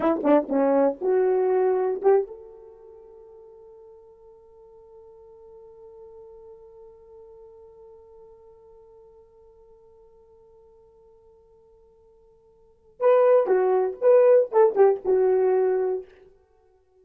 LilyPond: \new Staff \with { instrumentName = "horn" } { \time 4/4 \tempo 4 = 120 e'8 d'8 cis'4 fis'2 | g'8 a'2.~ a'8~ | a'1~ | a'1~ |
a'1~ | a'1~ | a'2 b'4 fis'4 | b'4 a'8 g'8 fis'2 | }